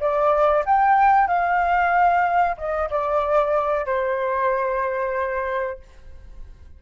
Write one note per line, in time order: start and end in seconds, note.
0.00 0.65 D5
0.65 1.27 G5
1.27 2.56 F5
2.57 2.89 D#5
2.90 3.86 D5
3.86 5.79 C5